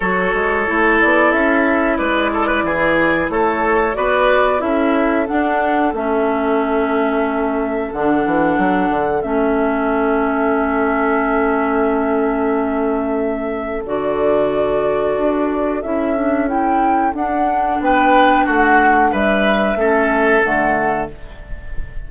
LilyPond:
<<
  \new Staff \with { instrumentName = "flute" } { \time 4/4 \tempo 4 = 91 cis''4. d''8 e''4 d''4~ | d''4 cis''4 d''4 e''4 | fis''4 e''2. | fis''2 e''2~ |
e''1~ | e''4 d''2. | e''4 g''4 fis''4 g''4 | fis''4 e''2 fis''4 | }
  \new Staff \with { instrumentName = "oboe" } { \time 4/4 a'2. b'8 a'16 b'16 | gis'4 a'4 b'4 a'4~ | a'1~ | a'1~ |
a'1~ | a'1~ | a'2. b'4 | fis'4 b'4 a'2 | }
  \new Staff \with { instrumentName = "clarinet" } { \time 4/4 fis'4 e'2.~ | e'2 fis'4 e'4 | d'4 cis'2. | d'2 cis'2~ |
cis'1~ | cis'4 fis'2. | e'8 d'8 e'4 d'2~ | d'2 cis'4 a4 | }
  \new Staff \with { instrumentName = "bassoon" } { \time 4/4 fis8 gis8 a8 b8 cis'4 gis4 | e4 a4 b4 cis'4 | d'4 a2. | d8 e8 fis8 d8 a2~ |
a1~ | a4 d2 d'4 | cis'2 d'4 b4 | a4 g4 a4 d4 | }
>>